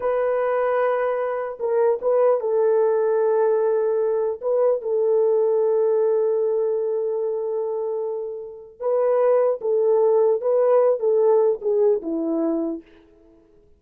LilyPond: \new Staff \with { instrumentName = "horn" } { \time 4/4 \tempo 4 = 150 b'1 | ais'4 b'4 a'2~ | a'2. b'4 | a'1~ |
a'1~ | a'2 b'2 | a'2 b'4. a'8~ | a'4 gis'4 e'2 | }